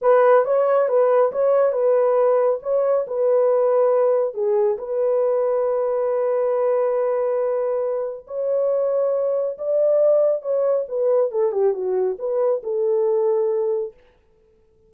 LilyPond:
\new Staff \with { instrumentName = "horn" } { \time 4/4 \tempo 4 = 138 b'4 cis''4 b'4 cis''4 | b'2 cis''4 b'4~ | b'2 gis'4 b'4~ | b'1~ |
b'2. cis''4~ | cis''2 d''2 | cis''4 b'4 a'8 g'8 fis'4 | b'4 a'2. | }